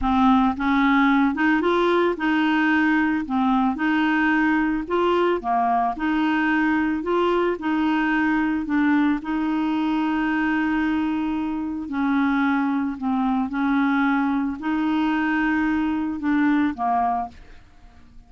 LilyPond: \new Staff \with { instrumentName = "clarinet" } { \time 4/4 \tempo 4 = 111 c'4 cis'4. dis'8 f'4 | dis'2 c'4 dis'4~ | dis'4 f'4 ais4 dis'4~ | dis'4 f'4 dis'2 |
d'4 dis'2.~ | dis'2 cis'2 | c'4 cis'2 dis'4~ | dis'2 d'4 ais4 | }